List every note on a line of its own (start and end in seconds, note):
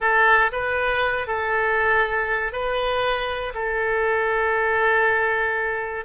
0.00 0.51 A4
0.52 1.27 B4
1.27 2.52 A4
2.52 3.53 B4
3.54 6.05 A4